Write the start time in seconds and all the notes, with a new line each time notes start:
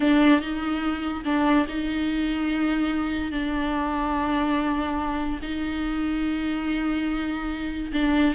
0.00 D4
0.40 D#4
1.25 D4
1.68 D#4
3.31 D4
5.42 D#4
7.93 D4